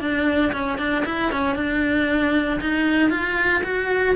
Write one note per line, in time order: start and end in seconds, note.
0.00 0.52 D4
0.52 0.78 C#4
0.78 1.04 D4
1.05 1.31 E4
1.32 1.55 C#4
1.55 2.60 D4
2.61 3.10 D#4
3.10 3.62 F4
3.63 4.15 F#4